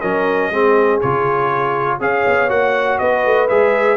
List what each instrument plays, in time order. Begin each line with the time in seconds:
0.00 tuba F#3, trombone C#4, horn A#4, trumpet D#5
0.49 tuba G#3, trombone C4, horn G#4
1.00 tuba C#3, trombone F4, trumpet C#5
2.00 tuba C#4, trombone G#4, horn C#5, trumpet F5
2.26 tuba B3
2.49 tuba A#3, trombone F#4, trumpet F#5
2.98 tuba B3, horn B4, trumpet D#5
3.25 tuba A3
3.48 tuba G#3, trombone G#4, trumpet E5